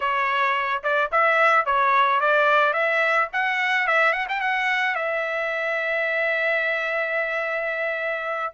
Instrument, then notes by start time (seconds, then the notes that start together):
trumpet
0.00 C#5
0.83 D5
1.11 E5
1.65 C#5
2.20 D5
2.73 E5
3.33 F#5
3.87 E5
4.12 F#5
4.28 G5
4.40 F#5
4.95 E5